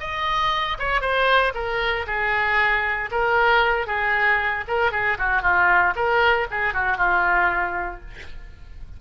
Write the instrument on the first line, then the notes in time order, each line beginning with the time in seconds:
oboe
0.00 D#5
0.79 C#5
1.01 C5
1.54 A#4
2.07 G#4
3.11 A#4
3.87 G#4
4.68 A#4
4.92 G#4
5.18 F#4
5.42 F4
5.96 A#4
6.51 G#4
6.74 F#4
6.97 F4